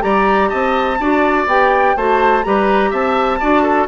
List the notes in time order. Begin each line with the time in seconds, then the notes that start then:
0.00 G3 G4 D5 A#5
0.49 C4 D#5 A5
1.00 D4 F#4 D5
1.46 B3 G4 G5
1.96 A3 F#4 C5 A5
2.43 G3 G4 B4 A#5
2.90 C4 E5 A5
3.40 D4 F#4 D5
3.63 A4